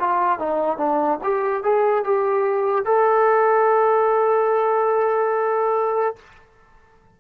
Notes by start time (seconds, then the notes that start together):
0.00 F4
0.39 D#4
0.78 D4
1.24 G4
1.64 G#4
2.04 G4
2.85 A4